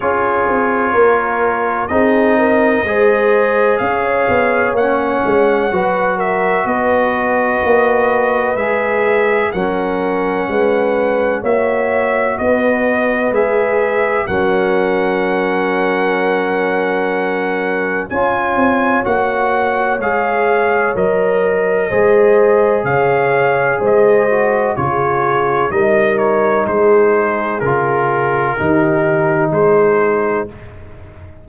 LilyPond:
<<
  \new Staff \with { instrumentName = "trumpet" } { \time 4/4 \tempo 4 = 63 cis''2 dis''2 | f''4 fis''4. e''8 dis''4~ | dis''4 e''4 fis''2 | e''4 dis''4 e''4 fis''4~ |
fis''2. gis''4 | fis''4 f''4 dis''2 | f''4 dis''4 cis''4 dis''8 cis''8 | c''4 ais'2 c''4 | }
  \new Staff \with { instrumentName = "horn" } { \time 4/4 gis'4 ais'4 gis'8 ais'8 c''4 | cis''2 b'8 ais'8 b'4~ | b'2 ais'4 b'4 | cis''4 b'2 ais'4~ |
ais'2. cis''4~ | cis''2. c''4 | cis''4 c''4 gis'4 ais'4 | gis'2 g'4 gis'4 | }
  \new Staff \with { instrumentName = "trombone" } { \time 4/4 f'2 dis'4 gis'4~ | gis'4 cis'4 fis'2~ | fis'4 gis'4 cis'2 | fis'2 gis'4 cis'4~ |
cis'2. f'4 | fis'4 gis'4 ais'4 gis'4~ | gis'4. fis'8 f'4 dis'4~ | dis'4 f'4 dis'2 | }
  \new Staff \with { instrumentName = "tuba" } { \time 4/4 cis'8 c'8 ais4 c'4 gis4 | cis'8 b8 ais8 gis8 fis4 b4 | ais4 gis4 fis4 gis4 | ais4 b4 gis4 fis4~ |
fis2. cis'8 c'8 | ais4 gis4 fis4 gis4 | cis4 gis4 cis4 g4 | gis4 cis4 dis4 gis4 | }
>>